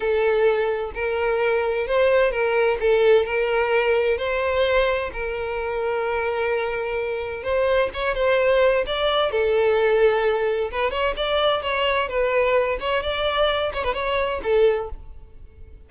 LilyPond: \new Staff \with { instrumentName = "violin" } { \time 4/4 \tempo 4 = 129 a'2 ais'2 | c''4 ais'4 a'4 ais'4~ | ais'4 c''2 ais'4~ | ais'1 |
c''4 cis''8 c''4. d''4 | a'2. b'8 cis''8 | d''4 cis''4 b'4. cis''8 | d''4. cis''16 b'16 cis''4 a'4 | }